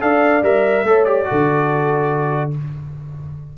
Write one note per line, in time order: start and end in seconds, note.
0.00 0.42 D4
0.00 0.42 A4
0.00 0.86 D5
0.00 0.43 F5
0.42 0.83 G3
0.42 0.85 A#4
0.42 1.04 E5
0.83 1.25 A3
0.83 1.06 A4
0.83 1.28 C#5
1.04 1.25 G4
1.04 2.51 D5
1.25 2.51 F#4
1.25 2.54 A4
1.31 2.57 D3